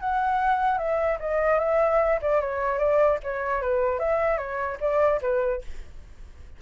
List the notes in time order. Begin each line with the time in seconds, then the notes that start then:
0.00 F#5
0.78 E5
1.20 D#5
1.59 E5
2.22 D5
2.41 C#5
2.79 D5
3.23 C#5
3.62 B4
3.99 E5
4.38 C#5
4.80 D5
5.22 B4